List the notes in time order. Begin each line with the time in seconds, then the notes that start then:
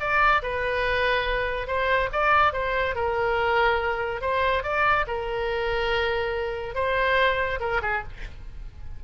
0.00 D5
0.43 B4
1.67 C5
2.12 D5
2.53 C5
2.95 A#4
4.21 C5
4.63 D5
5.07 A#4
6.75 C5
7.60 A#4
7.82 G#4